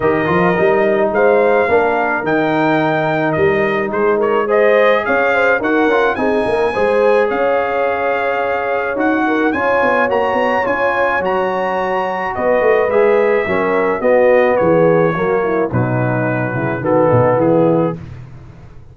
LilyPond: <<
  \new Staff \with { instrumentName = "trumpet" } { \time 4/4 \tempo 4 = 107 dis''2 f''2 | g''2 dis''4 c''8 cis''8 | dis''4 f''4 fis''4 gis''4~ | gis''4 f''2. |
fis''4 gis''4 ais''4 gis''4 | ais''2 dis''4 e''4~ | e''4 dis''4 cis''2 | b'2 a'4 gis'4 | }
  \new Staff \with { instrumentName = "horn" } { \time 4/4 ais'2 c''4 ais'4~ | ais'2. gis'8 ais'8 | c''4 cis''8 c''8 ais'4 gis'8 ais'8 | c''4 cis''2.~ |
cis''8 ais'8 cis''2.~ | cis''2 b'2 | ais'4 fis'4 gis'4 fis'8 e'8 | dis'4. e'8 fis'8 dis'8 e'4 | }
  \new Staff \with { instrumentName = "trombone" } { \time 4/4 g'8 f'8 dis'2 d'4 | dis'1 | gis'2 fis'8 f'8 dis'4 | gis'1 |
fis'4 f'4 fis'4 f'4 | fis'2. gis'4 | cis'4 b2 ais4 | fis2 b2 | }
  \new Staff \with { instrumentName = "tuba" } { \time 4/4 dis8 f8 g4 gis4 ais4 | dis2 g4 gis4~ | gis4 cis'4 dis'8 cis'8 c'8 ais8 | gis4 cis'2. |
dis'4 cis'8 b8 ais8 b8 cis'4 | fis2 b8 a8 gis4 | fis4 b4 e4 fis4 | b,4. cis8 dis8 b,8 e4 | }
>>